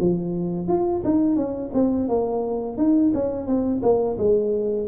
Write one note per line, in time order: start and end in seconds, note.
0.00 0.67 F3
0.67 1.02 F4
1.04 1.36 D#4
1.36 1.71 C#4
1.73 2.08 C4
2.08 2.77 A#3
2.77 3.12 D#4
3.14 3.47 C#4
3.47 3.82 C4
3.82 4.17 A#3
4.18 4.87 G#3